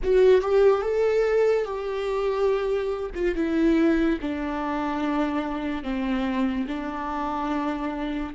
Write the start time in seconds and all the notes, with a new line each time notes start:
0.03 F#4
0.41 G4
0.82 A4
1.64 G4
3.14 F4
3.35 E4
4.21 D4
5.83 C4
6.67 D4